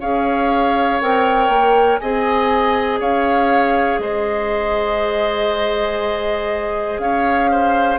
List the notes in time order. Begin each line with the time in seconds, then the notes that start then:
0.00 C#4 G#4 C#5 F5
1.01 C4 A#4 G5
1.48 A#3
1.98 C4 G#4 D#5 G#5
3.00 C#4 C#5 F5
3.98 G#3 C5 D#5
6.98 C#4 C#5 F5
7.51 C5